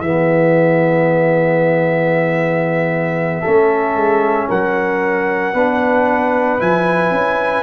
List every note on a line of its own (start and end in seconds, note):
0.00 3.42 E3
0.00 3.44 B3
0.00 3.41 G#4
0.00 4.48 E5
3.41 3.95 A3
3.41 5.55 C#4
3.41 4.46 A4
3.95 4.47 G#3
4.49 5.54 F#3
4.49 5.54 A#4
4.49 6.61 F#5
5.54 6.59 B3
5.54 6.59 D4
5.54 7.63 B4
6.59 7.10 F3
6.59 7.63 E4
6.59 7.63 G#5
7.10 7.63 C#4